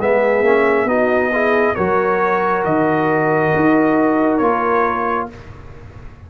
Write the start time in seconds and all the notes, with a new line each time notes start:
0.00 G#3 B3 G#4 E5
0.42 A#3 C#4
0.85 B3 D#4 F#4 D#5
1.32 E4 G#4
1.75 F#3 F#4 A#4 C#5
2.64 D#3 D#5
3.55 D#4
4.38 A#3 F4 C#5